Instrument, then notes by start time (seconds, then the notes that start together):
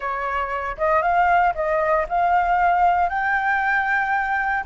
flute
0.00 C#5
0.77 D#5
1.02 F5
1.54 D#5
2.08 F5
3.09 G5